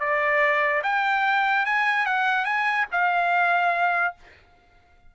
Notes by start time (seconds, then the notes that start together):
0.00 D5
0.83 G5
1.66 G#5
2.06 F#5
2.45 G#5
2.92 F5